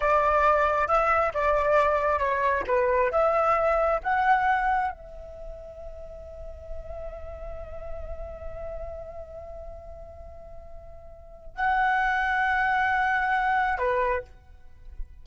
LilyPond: \new Staff \with { instrumentName = "flute" } { \time 4/4 \tempo 4 = 135 d''2 e''4 d''4~ | d''4 cis''4 b'4 e''4~ | e''4 fis''2 e''4~ | e''1~ |
e''1~ | e''1~ | e''2 fis''2~ | fis''2. b'4 | }